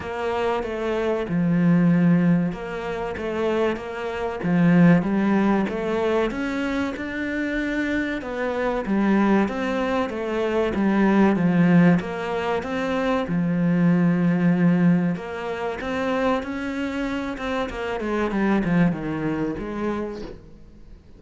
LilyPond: \new Staff \with { instrumentName = "cello" } { \time 4/4 \tempo 4 = 95 ais4 a4 f2 | ais4 a4 ais4 f4 | g4 a4 cis'4 d'4~ | d'4 b4 g4 c'4 |
a4 g4 f4 ais4 | c'4 f2. | ais4 c'4 cis'4. c'8 | ais8 gis8 g8 f8 dis4 gis4 | }